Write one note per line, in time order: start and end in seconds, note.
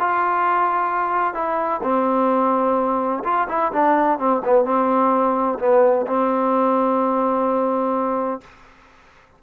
0.00 1.34 F4
1.34 1.81 E4
1.83 3.24 C4
3.25 3.48 F4
3.49 3.72 E4
3.73 4.19 D4
4.19 4.43 C4
4.45 4.65 B3
4.65 5.59 C4
5.59 6.06 B3
6.07 8.41 C4